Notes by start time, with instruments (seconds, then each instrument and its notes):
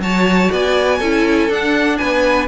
0.00 cello F#3, viola F#4, violin C#5 A5
0.52 cello B3, violin D5 G#5
0.99 cello C#4, viola E4, violin A4
1.50 cello D4, viola D4, violin F#5
1.98 cello B3, violin B4 G#5